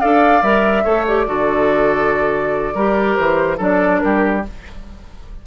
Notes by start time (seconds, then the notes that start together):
0.00 D4 A4 D5 F5
0.42 G3 A#4 E5
0.84 A3 A4 C#5
1.07 G4 D5
1.26 D3 F#4 A4
2.74 G3 G4 A#4
3.15 E3 C5
3.57 F#3 D4 A4 D5
3.99 G3 G4 A#4